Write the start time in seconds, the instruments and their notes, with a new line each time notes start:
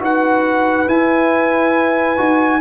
0.00 tuba D#4, trombone F#4, horn B4, trumpet F#5
0.88 trombone E4, tuba E4, trumpet G#5
2.18 tuba D#4, trombone F#4